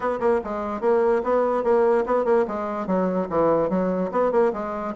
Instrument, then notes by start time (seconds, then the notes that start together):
bassoon
0.00 B3
0.19 A#3
0.44 G#3
0.80 A#3
1.23 B3
1.63 A#3
2.05 B3
2.24 A#3
2.47 G#3
2.86 F#3
3.29 E3
3.69 F#3
4.11 B3
4.31 A#3
4.53 G#3